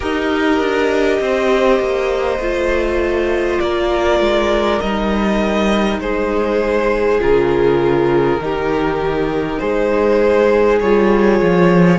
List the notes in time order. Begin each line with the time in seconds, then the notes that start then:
0.00 D#4 G4 A#4 D#5
0.59 D4
1.20 C4 C5
1.79 A#3
2.39 A3 F4
3.60 A#3 A#4 D5
4.20 G#3
4.79 G3 D#4 D#5
5.99 G#3 G#4 C5
7.20 C#3 F4 A#4
8.38 D#3 D#4 G4
9.59 G#3 G#4 C5
10.79 G3 F4 C#5
11.41 F3